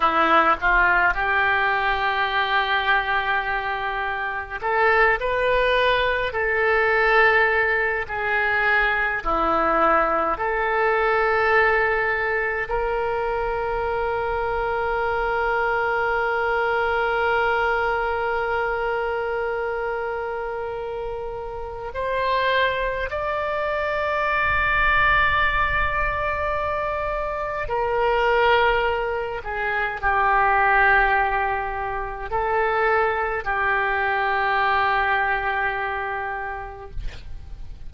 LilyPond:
\new Staff \with { instrumentName = "oboe" } { \time 4/4 \tempo 4 = 52 e'8 f'8 g'2. | a'8 b'4 a'4. gis'4 | e'4 a'2 ais'4~ | ais'1~ |
ais'2. c''4 | d''1 | ais'4. gis'8 g'2 | a'4 g'2. | }